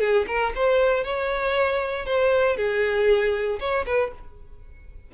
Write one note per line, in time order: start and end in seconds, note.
0.00 0.26 G#4
0.27 0.53 A#4
0.55 1.04 C5
1.04 2.06 C#5
2.06 2.57 C5
2.57 3.59 G#4
3.59 3.85 C#5
3.86 4.12 B4